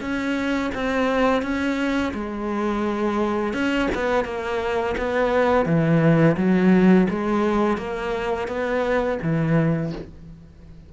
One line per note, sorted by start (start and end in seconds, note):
0.00 0.71 C#4
0.74 1.42 C4
1.42 2.12 C#4
2.13 3.53 G#3
3.53 3.88 C#4
3.94 4.24 B3
4.24 4.95 A#3
4.97 5.65 B3
5.65 6.36 E3
6.37 7.07 F#3
7.09 7.77 G#3
7.77 8.47 A#3
8.47 9.18 B3
9.22 9.92 E3